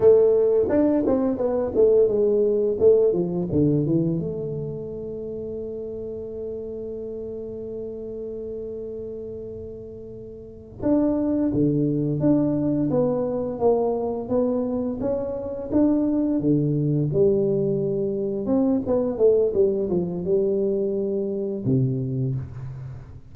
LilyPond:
\new Staff \with { instrumentName = "tuba" } { \time 4/4 \tempo 4 = 86 a4 d'8 c'8 b8 a8 gis4 | a8 f8 d8 e8 a2~ | a1~ | a2.~ a8 d'8~ |
d'8 d4 d'4 b4 ais8~ | ais8 b4 cis'4 d'4 d8~ | d8 g2 c'8 b8 a8 | g8 f8 g2 c4 | }